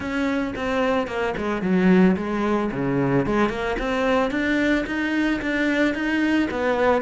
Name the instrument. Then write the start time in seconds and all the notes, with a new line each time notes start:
cello
0.00 C#4
0.55 C4
1.07 A#3
1.37 G#3
1.62 F#3
2.16 G#3
2.71 C#3
3.26 G#3
3.49 A#3
3.78 C4
4.30 D4
4.86 D#4
5.41 D4
5.94 D#4
6.50 B3